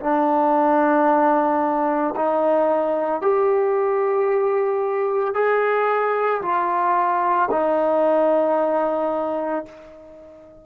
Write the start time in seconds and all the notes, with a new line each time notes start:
0.00 D4
2.16 D#4
3.21 G4
5.34 G#4
6.42 F4
7.51 D#4